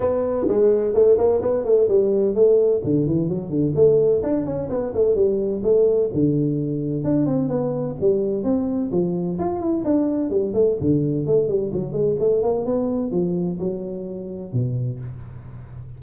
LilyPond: \new Staff \with { instrumentName = "tuba" } { \time 4/4 \tempo 4 = 128 b4 gis4 a8 ais8 b8 a8 | g4 a4 d8 e8 fis8 d8 | a4 d'8 cis'8 b8 a8 g4 | a4 d2 d'8 c'8 |
b4 g4 c'4 f4 | f'8 e'8 d'4 g8 a8 d4 | a8 g8 fis8 gis8 a8 ais8 b4 | f4 fis2 b,4 | }